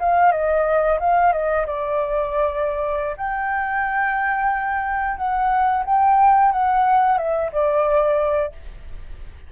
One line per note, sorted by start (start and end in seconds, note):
0.00 0.32 F5
0.32 0.99 D#5
1.00 1.33 F5
1.33 1.66 D#5
1.66 3.16 D5
3.17 5.17 G5
5.17 5.84 F#5
5.85 6.52 G5
6.52 7.18 F#5
7.18 7.51 E5
7.52 8.52 D5